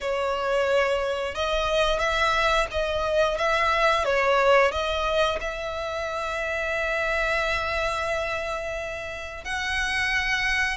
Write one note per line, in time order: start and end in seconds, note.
0.00 1.35 C#5
1.35 1.99 D#5
1.99 2.66 E5
2.71 3.37 D#5
3.37 4.04 E5
4.04 4.71 C#5
4.71 5.39 D#5
5.40 9.44 E5
9.44 10.77 F#5